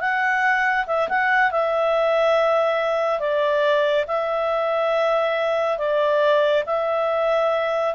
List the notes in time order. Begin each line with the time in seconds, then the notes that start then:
0.00 F#5
0.87 E5
1.09 F#5
1.51 E5
3.19 D5
4.07 E5
5.78 D5
6.66 E5